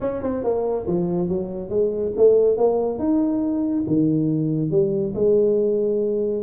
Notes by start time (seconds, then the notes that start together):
0.00 C#4
0.22 C4
0.43 A#3
0.87 F3
1.28 F#3
1.69 G#3
2.16 A3
2.57 A#3
2.98 D#4
3.87 D#3
4.70 G3
5.14 G#3